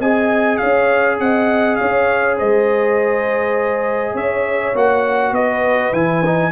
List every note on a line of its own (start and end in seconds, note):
0.00 0.60 C4
0.00 4.75 G#4
0.00 0.59 D#5
0.00 0.57 G#5
0.57 1.20 C#4
0.57 1.19 C#5
0.57 1.17 F5
1.20 1.79 C4
1.20 1.79 D#5
1.20 1.76 F#5
1.76 2.41 C#4
1.76 2.37 C#5
1.76 2.36 F5
2.37 4.15 G#3
2.37 4.14 C5
2.37 4.17 D#5
4.14 4.75 C#4
4.14 5.33 C#5
4.14 4.76 E5
4.75 5.32 A#3
4.75 5.94 F#4
4.75 5.35 F#5
5.32 5.92 B3
5.32 6.52 B4
5.32 5.94 D#5
5.93 6.52 E3
5.93 6.24 E4
5.93 6.52 G#5
6.25 6.52 D#4